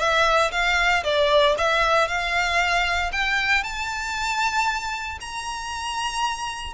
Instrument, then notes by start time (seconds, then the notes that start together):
violin
0.00 E5
0.52 F5
1.04 D5
1.58 E5
2.08 F5
3.13 G5
3.64 A5
5.21 A#5